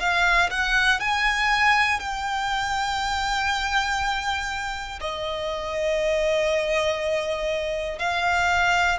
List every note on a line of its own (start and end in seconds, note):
0.00 0.50 F5
0.50 1.00 F#5
1.00 2.00 G#5
2.00 5.00 G5
5.01 7.99 D#5
7.99 8.99 F5